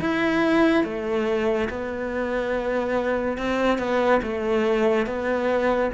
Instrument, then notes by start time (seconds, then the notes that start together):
cello
0.00 E4
0.84 A3
1.69 B3
3.38 C4
3.78 B3
4.23 A3
5.06 B3